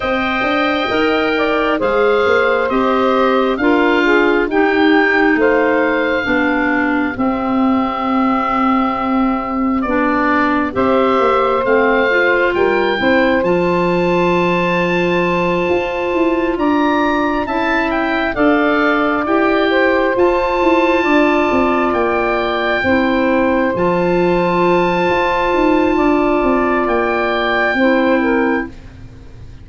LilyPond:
<<
  \new Staff \with { instrumentName = "oboe" } { \time 4/4 \tempo 4 = 67 g''2 f''4 dis''4 | f''4 g''4 f''2 | e''2. d''4 | e''4 f''4 g''4 a''4~ |
a''2~ a''8 ais''4 a''8 | g''8 f''4 g''4 a''4.~ | a''8 g''2 a''4.~ | a''2 g''2 | }
  \new Staff \with { instrumentName = "saxophone" } { \time 4/4 dis''4. d''8 c''2 | ais'8 gis'8 g'4 c''4 g'4~ | g'1 | c''2 ais'8 c''4.~ |
c''2~ c''8 d''4 e''8~ | e''8 d''4. c''4. d''8~ | d''4. c''2~ c''8~ | c''4 d''2 c''8 ais'8 | }
  \new Staff \with { instrumentName = "clarinet" } { \time 4/4 c''4 ais'4 gis'4 g'4 | f'4 dis'2 d'4 | c'2. d'4 | g'4 c'8 f'4 e'8 f'4~ |
f'2.~ f'8 e'8~ | e'8 a'4 g'4 f'4.~ | f'4. e'4 f'4.~ | f'2. e'4 | }
  \new Staff \with { instrumentName = "tuba" } { \time 4/4 c'8 d'8 dis'4 gis8 ais8 c'4 | d'4 dis'4 a4 b4 | c'2. b4 | c'8 ais8 a4 g8 c'8 f4~ |
f4. f'8 e'8 d'4 cis'8~ | cis'8 d'4 e'4 f'8 e'8 d'8 | c'8 ais4 c'4 f4. | f'8 dis'8 d'8 c'8 ais4 c'4 | }
>>